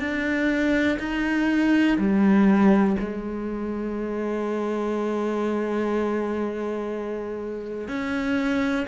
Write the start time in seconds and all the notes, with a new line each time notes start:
0.00 D4
1.00 D#4
1.99 G3
3.00 G#3
7.89 C#4